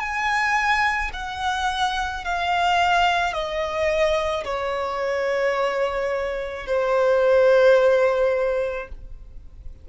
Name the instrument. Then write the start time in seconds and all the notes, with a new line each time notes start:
violin
0.00 G#5
1.14 F#5
2.25 F5
3.33 D#5
4.45 C#5
6.67 C5